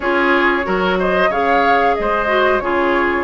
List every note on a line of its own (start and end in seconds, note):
0.00 0.64 C#4
0.00 0.63 F4
0.00 0.65 G#4
0.00 0.96 C#5
0.63 1.29 F#3
0.63 1.28 F#4
0.63 0.98 A#4
0.99 1.29 C5
0.99 1.32 D#5
1.29 1.94 C#3
1.29 2.27 G#4
1.29 1.95 C#5
1.29 1.95 F5
1.95 2.60 G#3
1.95 2.63 C5
1.95 2.59 D#5
2.27 2.59 F#4
2.59 3.23 C#3
2.59 3.23 F4
2.59 3.23 G#4
2.59 3.23 C#5